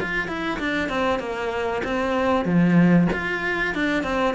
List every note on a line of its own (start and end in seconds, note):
0.00 0.28 F4
0.28 0.59 E4
0.59 0.89 D4
0.89 1.19 C4
1.19 1.82 A#3
1.84 2.45 C4
2.45 3.07 F3
3.12 3.74 F4
3.74 4.03 D4
4.03 4.34 C4